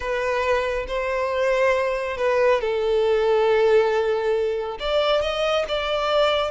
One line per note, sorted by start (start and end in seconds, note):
0.00 0.86 B4
0.87 2.17 C5
2.17 2.60 B4
2.60 4.78 A4
4.79 5.21 D5
5.21 5.65 D#5
5.68 6.50 D5